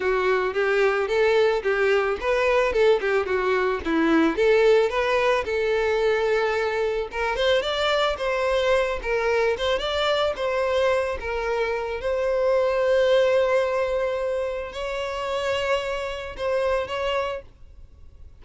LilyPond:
\new Staff \with { instrumentName = "violin" } { \time 4/4 \tempo 4 = 110 fis'4 g'4 a'4 g'4 | b'4 a'8 g'8 fis'4 e'4 | a'4 b'4 a'2~ | a'4 ais'8 c''8 d''4 c''4~ |
c''8 ais'4 c''8 d''4 c''4~ | c''8 ais'4. c''2~ | c''2. cis''4~ | cis''2 c''4 cis''4 | }